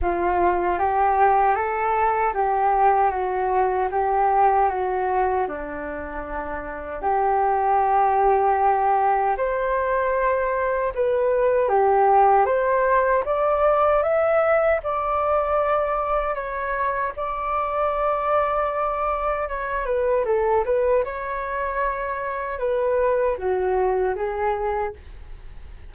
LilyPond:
\new Staff \with { instrumentName = "flute" } { \time 4/4 \tempo 4 = 77 f'4 g'4 a'4 g'4 | fis'4 g'4 fis'4 d'4~ | d'4 g'2. | c''2 b'4 g'4 |
c''4 d''4 e''4 d''4~ | d''4 cis''4 d''2~ | d''4 cis''8 b'8 a'8 b'8 cis''4~ | cis''4 b'4 fis'4 gis'4 | }